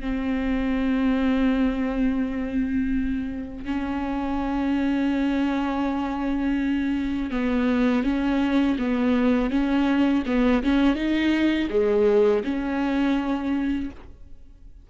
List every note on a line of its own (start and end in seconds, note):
0.00 3.65 C4
3.65 7.30 C#4
7.30 8.03 B3
8.03 8.76 C#4
8.78 9.50 B3
9.50 10.23 C#4
10.26 10.62 B3
10.63 10.95 C#4
10.95 11.68 D#4
11.70 12.43 G#3
12.44 13.90 C#4